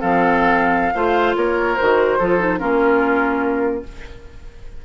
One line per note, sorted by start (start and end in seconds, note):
0.00 0.94 F3
0.00 0.93 C4
0.00 0.94 A4
0.00 1.35 F5
0.94 1.36 A3
0.94 1.77 F4
0.94 1.36 C5
1.36 1.78 A#3
1.36 2.19 A#4
1.36 1.77 C#5
1.77 2.20 D#3
1.77 2.20 F#4
1.77 2.59 C5
2.19 2.61 F3
2.19 2.39 F4
2.19 2.60 A4
2.39 2.59 D#4
2.59 3.86 A#3
2.59 3.83 C#4
2.59 3.84 F4
2.59 3.83 A#4